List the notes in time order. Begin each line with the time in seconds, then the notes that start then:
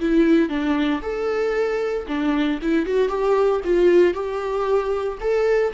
0.00 E4
0.49 D4
1.02 A4
2.08 D4
2.62 E4
2.86 F#4
3.09 G4
3.65 F4
4.14 G4
5.21 A4